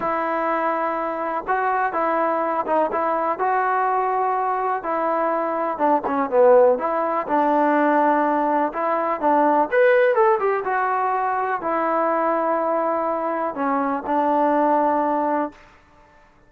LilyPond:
\new Staff \with { instrumentName = "trombone" } { \time 4/4 \tempo 4 = 124 e'2. fis'4 | e'4. dis'8 e'4 fis'4~ | fis'2 e'2 | d'8 cis'8 b4 e'4 d'4~ |
d'2 e'4 d'4 | b'4 a'8 g'8 fis'2 | e'1 | cis'4 d'2. | }